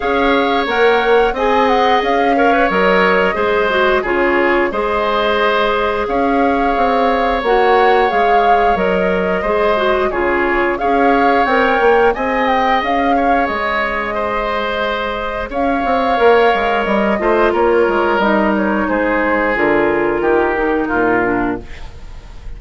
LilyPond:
<<
  \new Staff \with { instrumentName = "flute" } { \time 4/4 \tempo 4 = 89 f''4 fis''4 gis''8 fis''8 f''4 | dis''2 cis''4 dis''4~ | dis''4 f''2 fis''4 | f''4 dis''2 cis''4 |
f''4 g''4 gis''8 g''8 f''4 | dis''2. f''4~ | f''4 dis''4 cis''4 dis''8 cis''8 | c''4 ais'2. | }
  \new Staff \with { instrumentName = "oboe" } { \time 4/4 cis''2 dis''4. cis''8~ | cis''4 c''4 gis'4 c''4~ | c''4 cis''2.~ | cis''2 c''4 gis'4 |
cis''2 dis''4. cis''8~ | cis''4 c''2 cis''4~ | cis''4. c''8 ais'2 | gis'2 g'4 f'4 | }
  \new Staff \with { instrumentName = "clarinet" } { \time 4/4 gis'4 ais'4 gis'4. ais'16 b'16 | ais'4 gis'8 fis'8 f'4 gis'4~ | gis'2. fis'4 | gis'4 ais'4 gis'8 fis'8 f'4 |
gis'4 ais'4 gis'2~ | gis'1 | ais'4. f'4. dis'4~ | dis'4 f'4. dis'4 d'8 | }
  \new Staff \with { instrumentName = "bassoon" } { \time 4/4 cis'4 ais4 c'4 cis'4 | fis4 gis4 cis4 gis4~ | gis4 cis'4 c'4 ais4 | gis4 fis4 gis4 cis4 |
cis'4 c'8 ais8 c'4 cis'4 | gis2. cis'8 c'8 | ais8 gis8 g8 a8 ais8 gis8 g4 | gis4 d4 dis4 ais,4 | }
>>